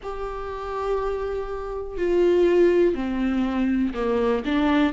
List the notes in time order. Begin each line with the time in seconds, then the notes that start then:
0.03 G4
1.97 F4
2.95 C4
3.93 A#3
4.45 D4